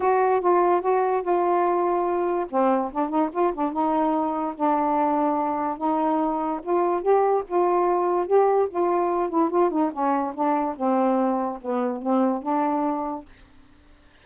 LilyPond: \new Staff \with { instrumentName = "saxophone" } { \time 4/4 \tempo 4 = 145 fis'4 f'4 fis'4 f'4~ | f'2 c'4 d'8 dis'8 | f'8 d'8 dis'2 d'4~ | d'2 dis'2 |
f'4 g'4 f'2 | g'4 f'4. e'8 f'8 dis'8 | cis'4 d'4 c'2 | b4 c'4 d'2 | }